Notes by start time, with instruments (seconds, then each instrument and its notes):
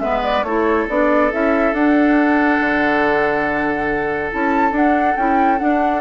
0.00 bassoon G#3, clarinet B3, oboe B4, flute E5
0.23 flute D5
0.43 bassoon A3, clarinet E4, oboe A4, flute C#5
0.89 bassoon B3, clarinet D4, flute D5
1.32 bassoon C#4, clarinet E4, flute E5
1.73 bassoon D4, clarinet D4, flute F#5
2.60 bassoon D3
4.32 bassoon C#4, clarinet E4, flute A5
4.71 clarinet D4, bassoon D4, flute F#5
5.17 bassoon C#4, clarinet E4, flute G5
5.59 clarinet D4, bassoon D4, flute F#5